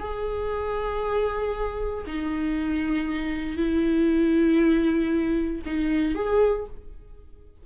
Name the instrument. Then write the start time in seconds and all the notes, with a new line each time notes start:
viola
0.00 G#4
2.07 D#4
3.57 E4
5.66 D#4
6.15 G#4